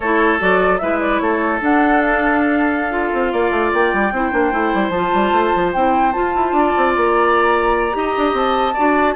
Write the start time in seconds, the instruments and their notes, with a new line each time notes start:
0.00 bassoon A3, clarinet E4, oboe A4, flute C#5
0.39 bassoon F#3, clarinet F#4, flute D5
0.78 bassoon G#3, clarinet E4, oboe B4, flute E5
0.99 flute D5
1.18 bassoon A3, oboe A4, flute C#5
1.60 clarinet D4, bassoon D4, flute F#5
2.01 flute F5
2.90 clarinet F4
3.13 bassoon C4
3.32 bassoon A#3, oboe D5
3.51 bassoon A3
3.73 bassoon A#3, flute G5
3.93 bassoon G3
4.12 bassoon C4, clarinet E4, oboe C5
4.32 bassoon A#3, clarinet D4
4.51 bassoon A3, clarinet E4
4.73 bassoon G3
4.89 bassoon F3, clarinet F4, flute A5
5.14 bassoon G3
5.32 bassoon A3
5.55 bassoon F3
5.73 bassoon C4, clarinet E4, flute G5
6.12 clarinet F4, bassoon F4, flute A5
6.35 bassoon E4
6.51 bassoon D4, oboe D5
6.76 bassoon C4
6.96 bassoon A#3, flute A#5
7.91 bassoon D#4, clarinet G4, oboe D#5
8.17 bassoon D4
8.33 bassoon C4, flute A5
8.73 bassoon D4, clarinet F#4, oboe D5